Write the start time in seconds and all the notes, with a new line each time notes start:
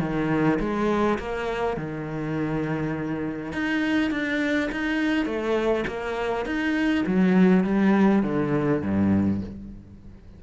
0.00 D#3
0.60 G#3
1.19 A#3
1.77 D#3
3.53 D#4
4.11 D4
4.72 D#4
5.26 A3
5.87 A#3
6.46 D#4
7.07 F#3
7.64 G3
8.23 D3
8.82 G2